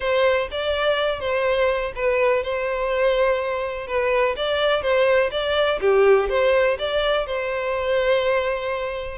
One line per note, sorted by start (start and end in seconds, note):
0.00 0.48 C5
0.51 1.19 D5
1.19 1.92 C5
1.95 2.43 B4
2.43 3.87 C5
3.87 4.35 B4
4.36 4.81 D5
4.81 5.30 C5
5.31 5.79 D5
5.80 6.29 G4
6.29 6.77 C5
6.79 7.26 D5
7.26 9.18 C5